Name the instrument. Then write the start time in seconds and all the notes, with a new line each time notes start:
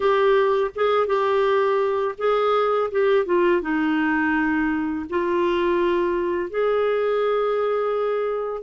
clarinet
0.00 G4
0.75 G#4
1.06 G4
2.18 G#4
2.91 G4
3.25 F4
3.61 D#4
5.09 F4
6.50 G#4